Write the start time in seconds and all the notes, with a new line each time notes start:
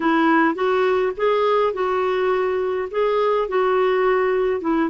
0.00 E4
0.54 F#4
1.16 G#4
1.73 F#4
2.90 G#4
3.48 F#4
4.60 E4